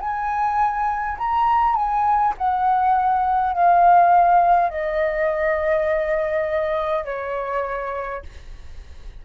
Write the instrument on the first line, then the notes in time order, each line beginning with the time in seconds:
flute
0.00 G#5
1.18 A#5
1.75 G#5
2.37 F#5
3.52 F5
4.70 D#5
7.05 C#5